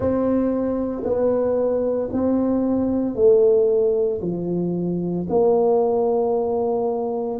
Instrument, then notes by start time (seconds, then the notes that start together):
tuba
0.00 C4
1.03 B3
2.12 C4
3.15 A3
4.21 F3
5.29 A#3